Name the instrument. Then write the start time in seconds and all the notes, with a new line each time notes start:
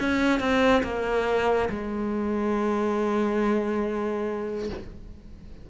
cello
0.00 C#4
0.40 C4
0.84 A#3
1.70 G#3